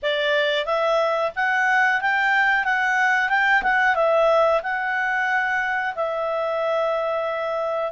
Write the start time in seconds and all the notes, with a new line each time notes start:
0.02 D5
0.65 E5
1.35 F#5
2.01 G5
2.64 F#5
3.29 G5
3.62 F#5
3.95 E5
4.62 F#5
5.95 E5